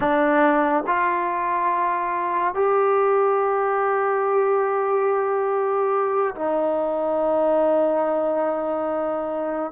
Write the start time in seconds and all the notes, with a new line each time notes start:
0.00 D4
0.86 F4
2.54 G4
6.35 D#4